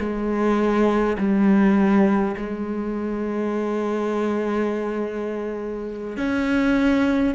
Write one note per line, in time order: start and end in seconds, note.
0.00 1.18 G#3
1.18 2.36 G3
2.37 6.18 G#3
6.18 7.35 C#4